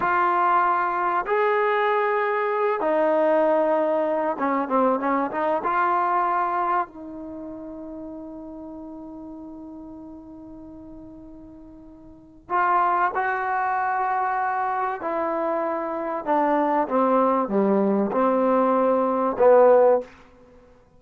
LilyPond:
\new Staff \with { instrumentName = "trombone" } { \time 4/4 \tempo 4 = 96 f'2 gis'2~ | gis'8 dis'2~ dis'8 cis'8 c'8 | cis'8 dis'8 f'2 dis'4~ | dis'1~ |
dis'1 | f'4 fis'2. | e'2 d'4 c'4 | g4 c'2 b4 | }